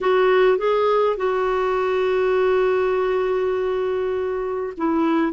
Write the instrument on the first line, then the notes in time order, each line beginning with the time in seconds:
clarinet
0.00 F#4
0.58 G#4
1.16 F#4
4.77 E4